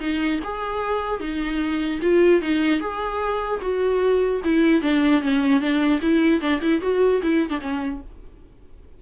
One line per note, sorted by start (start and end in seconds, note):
0.00 0.40 D#4
0.44 1.20 G#4
1.20 2.00 D#4
2.02 2.42 F4
2.42 2.80 D#4
2.80 3.60 G#4
3.61 4.41 F#4
4.44 4.82 E4
4.82 5.22 D4
5.22 5.60 C#4
5.60 6.00 D4
6.02 6.41 E4
6.41 6.61 D4
6.62 6.81 E4
6.81 7.21 F#4
7.23 7.50 E4
7.50 7.60 D4
7.61 8.01 C#4